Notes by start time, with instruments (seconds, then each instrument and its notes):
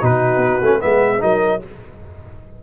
0.00 tuba B2, trombone D#4, horn F#4, trumpet B4
0.37 tuba B3
0.62 tuba A3, trombone C#4
0.80 tuba G#3, trombone B3, horn B4, trumpet E5
1.19 tuba F#3, trombone D#4, horn A#4, trumpet D#5